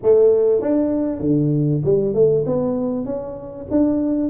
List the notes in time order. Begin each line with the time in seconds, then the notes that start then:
0.02 A3
0.61 D4
1.20 D3
1.84 G3
2.14 A3
2.46 B3
3.05 C#4
3.70 D4